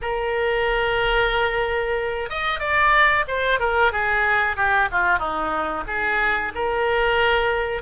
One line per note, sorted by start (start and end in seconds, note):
0.01 2.29 A#4
2.29 2.59 D#5
2.59 3.24 D5
3.27 3.59 C5
3.59 3.91 A#4
3.91 4.56 G#4
4.56 4.89 G4
4.91 5.18 F4
5.18 5.84 D#4
5.87 6.52 G#4
6.54 7.82 A#4